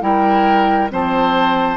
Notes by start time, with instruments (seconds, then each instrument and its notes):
0.00 bassoon G3, clarinet E4, oboe A#4, flute G5
0.90 bassoon F3, clarinet C4, oboe C5, flute A5